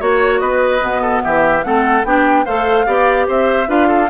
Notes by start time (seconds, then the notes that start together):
0.00 A#3 F#4 C#5
0.40 B3 B4 D#5
0.81 B2 B3
1.02 A4
1.23 E3 G4 E5
1.64 A3 C4 A4 F#5
2.04 B3 D4 G4 G5
2.45 A3 A4 C5 F5
2.86 B3 G4 D5
3.28 C4 C5 E5
3.67 D4 F4 B4 F5
3.88 A4